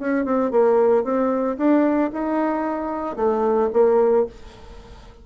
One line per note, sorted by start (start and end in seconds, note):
0.00 0.26 C#4
0.26 0.51 C4
0.51 1.05 A#3
1.05 1.58 C4
1.58 2.11 D4
2.13 3.17 D#4
3.17 3.70 A3
3.74 4.27 A#3